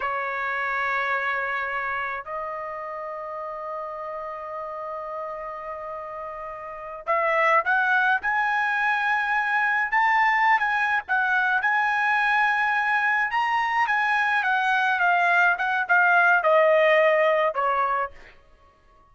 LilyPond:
\new Staff \with { instrumentName = "trumpet" } { \time 4/4 \tempo 4 = 106 cis''1 | dis''1~ | dis''1~ | dis''8 e''4 fis''4 gis''4.~ |
gis''4. a''4~ a''16 gis''8. fis''8~ | fis''8 gis''2. ais''8~ | ais''8 gis''4 fis''4 f''4 fis''8 | f''4 dis''2 cis''4 | }